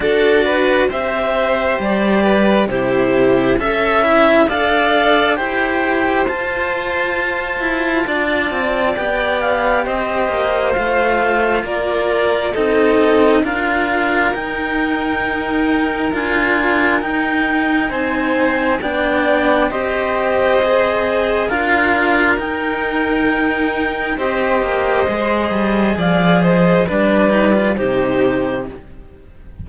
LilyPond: <<
  \new Staff \with { instrumentName = "clarinet" } { \time 4/4 \tempo 4 = 67 d''4 e''4 d''4 c''4 | e''4 f''4 g''4 a''4~ | a''2 g''8 f''8 dis''4 | f''4 d''4 dis''4 f''4 |
g''2 gis''4 g''4 | gis''4 g''4 dis''2 | f''4 g''2 dis''4~ | dis''4 f''8 dis''8 d''4 c''4 | }
  \new Staff \with { instrumentName = "violin" } { \time 4/4 a'8 b'8 c''4. b'8 g'4 | e''4 d''4 c''2~ | c''4 d''2 c''4~ | c''4 ais'4 a'4 ais'4~ |
ais'1 | c''4 d''4 c''2 | ais'2. c''4~ | c''4 d''8 c''8 b'4 g'4 | }
  \new Staff \with { instrumentName = "cello" } { \time 4/4 fis'4 g'2 e'4 | a'8 e'8 a'4 g'4 f'4~ | f'2 g'2 | f'2 dis'4 f'4 |
dis'2 f'4 dis'4~ | dis'4 d'4 g'4 gis'4 | f'4 dis'2 g'4 | gis'2 d'8 dis'16 f'16 dis'4 | }
  \new Staff \with { instrumentName = "cello" } { \time 4/4 d'4 c'4 g4 c4 | cis'4 d'4 e'4 f'4~ | f'8 e'8 d'8 c'8 b4 c'8 ais8 | a4 ais4 c'4 d'4 |
dis'2 d'4 dis'4 | c'4 b4 c'2 | d'4 dis'2 c'8 ais8 | gis8 g8 f4 g4 c4 | }
>>